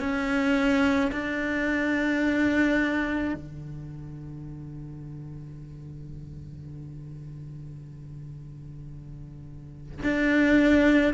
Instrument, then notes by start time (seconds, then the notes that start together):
cello
0.00 C#4
1.12 D4
3.34 D3
10.03 D4